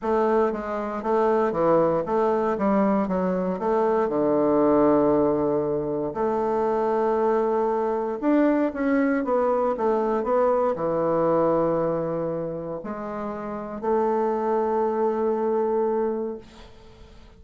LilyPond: \new Staff \with { instrumentName = "bassoon" } { \time 4/4 \tempo 4 = 117 a4 gis4 a4 e4 | a4 g4 fis4 a4 | d1 | a1 |
d'4 cis'4 b4 a4 | b4 e2.~ | e4 gis2 a4~ | a1 | }